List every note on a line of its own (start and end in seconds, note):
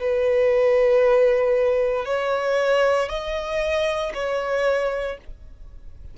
0.00 2.05 B4
2.05 3.09 C#5
3.09 4.12 D#5
4.14 5.18 C#5